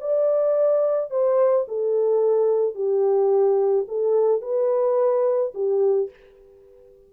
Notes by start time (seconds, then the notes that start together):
0.00 D5
1.10 C5
1.68 A4
2.75 G4
3.88 A4
4.41 B4
5.54 G4